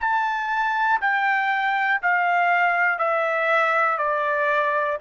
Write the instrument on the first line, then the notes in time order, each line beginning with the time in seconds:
trumpet
0.00 A5
1.01 G5
2.02 F5
2.98 E5
3.98 D5